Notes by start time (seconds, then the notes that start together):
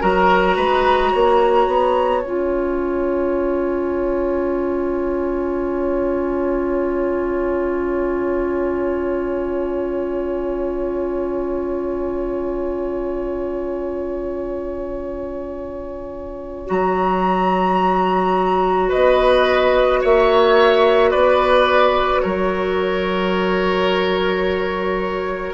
0.00 F#3 F#4 A#4 A#5
0.56 G#3 B4
1.12 A#3 C#5
1.67 B3
2.24 C#4 F4 G#5
16.66 F#3 F#4 A#5
18.89 B3 B4 D#5
20.02 A#3 C#5 E5
21.11 B3 B4 D5
22.20 F#3 A#4 C#5